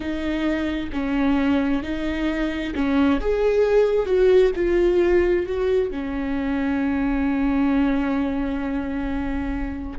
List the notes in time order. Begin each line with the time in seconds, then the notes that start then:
0.00 D#4
0.92 C#4
1.83 D#4
2.74 C#4
3.20 G#4
4.06 F#4
4.55 F4
5.46 F#4
5.90 C#4